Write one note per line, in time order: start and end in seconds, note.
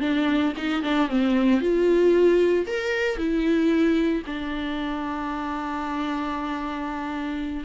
0.00 0.53 D4
0.57 0.82 D#4
0.82 1.08 D4
1.08 1.60 C4
1.60 2.66 F4
2.66 3.17 A#4
3.17 4.22 E4
4.26 7.64 D4